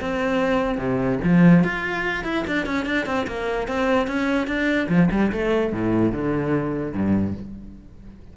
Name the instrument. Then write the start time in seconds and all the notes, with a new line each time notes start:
cello
0.00 C4
0.78 C3
1.23 F3
1.64 F4
2.24 E4
2.47 D4
2.65 C#4
2.85 D4
3.06 C4
3.27 A#3
3.67 C4
4.07 C#4
4.47 D4
4.88 F3
5.11 G3
5.32 A3
5.73 A2
6.12 D3
6.93 G2